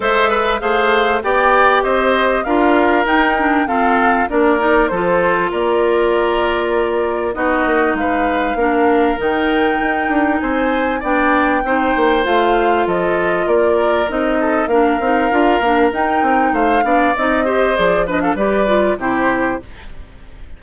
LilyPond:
<<
  \new Staff \with { instrumentName = "flute" } { \time 4/4 \tempo 4 = 98 e''4 f''4 g''4 dis''4 | f''4 g''4 f''4 d''4 | c''4 d''2. | dis''4 f''2 g''4~ |
g''4 gis''4 g''2 | f''4 dis''4 d''4 dis''4 | f''2 g''4 f''4 | dis''4 d''8 dis''16 f''16 d''4 c''4 | }
  \new Staff \with { instrumentName = "oboe" } { \time 4/4 c''8 b'8 c''4 d''4 c''4 | ais'2 a'4 ais'4 | a'4 ais'2. | fis'4 b'4 ais'2~ |
ais'4 c''4 d''4 c''4~ | c''4 a'4 ais'4. a'8 | ais'2. c''8 d''8~ | d''8 c''4 b'16 a'16 b'4 g'4 | }
  \new Staff \with { instrumentName = "clarinet" } { \time 4/4 a'4 gis'4 g'2 | f'4 dis'8 d'8 c'4 d'8 dis'8 | f'1 | dis'2 d'4 dis'4~ |
dis'2 d'4 dis'4 | f'2. dis'4 | d'8 dis'8 f'8 d'8 dis'4. d'8 | dis'8 g'8 gis'8 d'8 g'8 f'8 e'4 | }
  \new Staff \with { instrumentName = "bassoon" } { \time 4/4 gis4 a4 b4 c'4 | d'4 dis'4 f'4 ais4 | f4 ais2. | b8 ais8 gis4 ais4 dis4 |
dis'8 d'8 c'4 b4 c'8 ais8 | a4 f4 ais4 c'4 | ais8 c'8 d'8 ais8 dis'8 c'8 a8 b8 | c'4 f4 g4 c4 | }
>>